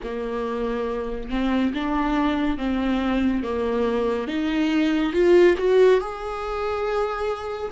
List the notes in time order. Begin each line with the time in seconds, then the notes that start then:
0.03 A#3
1.29 C4
1.74 D4
2.57 C4
3.43 A#3
4.27 D#4
5.12 F4
5.57 F#4
6.00 G#4